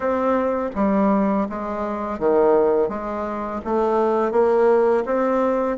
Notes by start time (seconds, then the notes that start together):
0.00 C4
0.75 G3
1.49 G#3
2.19 D#3
2.88 G#3
3.64 A3
4.31 A#3
5.05 C4